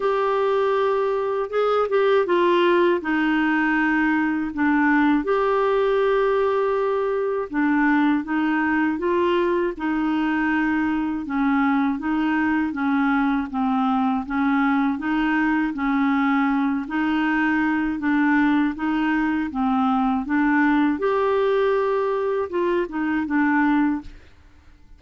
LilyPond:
\new Staff \with { instrumentName = "clarinet" } { \time 4/4 \tempo 4 = 80 g'2 gis'8 g'8 f'4 | dis'2 d'4 g'4~ | g'2 d'4 dis'4 | f'4 dis'2 cis'4 |
dis'4 cis'4 c'4 cis'4 | dis'4 cis'4. dis'4. | d'4 dis'4 c'4 d'4 | g'2 f'8 dis'8 d'4 | }